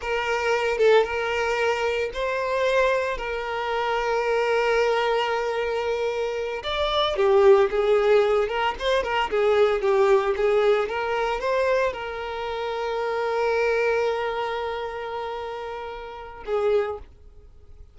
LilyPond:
\new Staff \with { instrumentName = "violin" } { \time 4/4 \tempo 4 = 113 ais'4. a'8 ais'2 | c''2 ais'2~ | ais'1~ | ais'8 d''4 g'4 gis'4. |
ais'8 c''8 ais'8 gis'4 g'4 gis'8~ | gis'8 ais'4 c''4 ais'4.~ | ais'1~ | ais'2. gis'4 | }